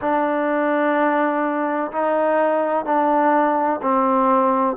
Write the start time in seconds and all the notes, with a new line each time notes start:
0.01 D4
1.91 D#4
2.85 D4
3.81 C4